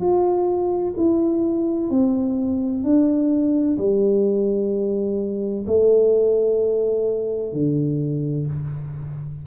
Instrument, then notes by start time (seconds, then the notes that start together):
tuba
0.00 F4
0.97 E4
1.90 C4
2.83 D4
3.78 G3
5.67 A3
7.53 D3